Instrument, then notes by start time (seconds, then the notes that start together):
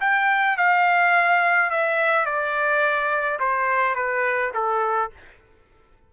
trumpet
0.00 G5
0.57 F5
1.70 E5
2.25 D5
3.40 C5
3.95 B4
4.54 A4